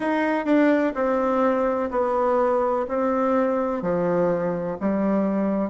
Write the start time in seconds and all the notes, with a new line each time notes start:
0.00 D#4
0.45 D4
0.94 C4
1.90 B3
2.88 C4
3.81 F3
4.80 G3